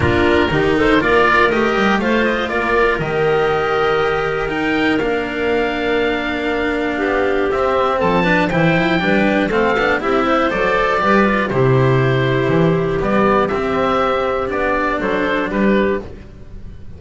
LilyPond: <<
  \new Staff \with { instrumentName = "oboe" } { \time 4/4 \tempo 4 = 120 ais'4. c''8 d''4 dis''4 | f''8 dis''8 d''4 dis''2~ | dis''4 g''4 f''2~ | f''2. e''4 |
a''4 g''2 f''4 | e''4 d''2 c''4~ | c''2 d''4 e''4~ | e''4 d''4 c''4 b'4 | }
  \new Staff \with { instrumentName = "clarinet" } { \time 4/4 f'4 g'8 a'8 ais'2 | c''4 ais'2.~ | ais'1~ | ais'2 g'2 |
a'8 b'8 c''4 b'4 a'4 | g'8 c''4. b'4 g'4~ | g'1~ | g'2 a'4 g'4 | }
  \new Staff \with { instrumentName = "cello" } { \time 4/4 d'4 dis'4 f'4 g'4 | f'2 g'2~ | g'4 dis'4 d'2~ | d'2. c'4~ |
c'8 d'8 e'4 d'4 c'8 d'8 | e'4 a'4 g'8 f'8 e'4~ | e'2 b4 c'4~ | c'4 d'2. | }
  \new Staff \with { instrumentName = "double bass" } { \time 4/4 ais4 dis4 ais4 a8 g8 | a4 ais4 dis2~ | dis2 ais2~ | ais2 b4 c'4 |
f4 e8 f8 g4 a8 b8 | c'4 fis4 g4 c4~ | c4 e4 g4 c'4~ | c'4 b4 fis4 g4 | }
>>